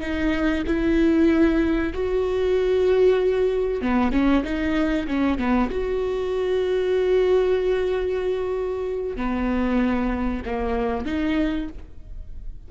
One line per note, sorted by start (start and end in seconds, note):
0.00 0.63 D#4
0.66 1.93 E4
1.93 3.81 F#4
3.81 4.11 B3
4.11 4.43 C#4
4.44 5.07 D#4
5.07 5.38 C#4
5.38 5.70 B3
5.70 9.16 F#4
9.16 10.42 B3
10.45 11.05 A#3
11.05 11.68 D#4